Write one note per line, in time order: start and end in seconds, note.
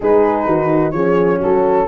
0.00 0.46 G#3
0.00 0.95 D#4
0.00 0.46 G#4
0.00 0.91 B4
0.46 0.93 D#3
0.46 0.93 F#4
0.91 1.40 F3
0.91 1.87 C#4
0.91 1.38 G#4
0.91 1.38 C#5
1.38 1.87 F#3
1.38 1.84 F#4
1.38 1.87 A4